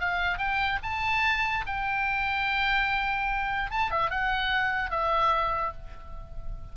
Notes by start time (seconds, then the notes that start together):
0.00 F5
0.38 G5
0.83 A5
1.67 G5
3.71 A5
3.91 E5
4.10 F#5
4.91 E5